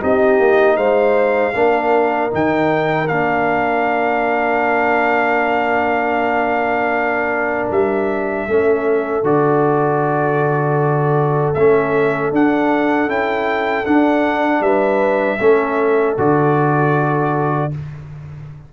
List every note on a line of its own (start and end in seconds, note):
0.00 0.39 C4
0.00 1.54 D#4
0.00 0.78 G4
0.00 0.77 D#5
0.39 0.77 A#3
0.77 1.54 G#3
0.77 1.55 C5
0.77 2.31 F5
1.55 2.32 A#3
1.55 2.31 D4
1.55 8.50 A#4
2.31 3.10 D#3
2.31 3.08 D#4
2.31 3.08 G5
3.08 7.71 A#3
3.08 8.49 D4
3.08 7.70 F5
7.71 8.48 G3
7.71 9.26 E5
8.48 9.23 A3
8.48 9.25 C#4
8.48 14.64 A4
9.23 11.54 D3
9.23 11.55 F#4
9.23 11.54 D5
11.54 12.32 A3
11.54 12.34 C#4
11.54 12.31 E5
12.32 13.08 D4
12.32 13.09 D4
12.32 13.10 F#5
13.08 13.85 C#4
13.08 13.85 E4
13.08 13.87 G5
13.85 15.39 D4
13.85 14.61 D4
13.85 14.63 F#5
14.61 15.38 G3
14.61 15.40 B4
14.61 16.17 E5
15.40 16.17 A3
15.40 16.18 C#4
15.40 17.71 A4
16.18 17.72 D3
16.18 17.72 F#4
16.18 17.73 D5